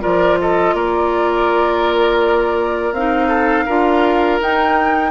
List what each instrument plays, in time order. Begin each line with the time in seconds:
0.00 bassoon F3, clarinet F4, oboe A#4, flute D5
0.40 oboe A4, flute D#5
0.73 bassoon A#3, oboe A#4, flute D5
2.92 bassoon C4, clarinet D#4, flute F5
3.28 oboe A4
3.65 bassoon D4, clarinet F4, oboe A#4
4.40 bassoon D#4, clarinet D#4, flute G5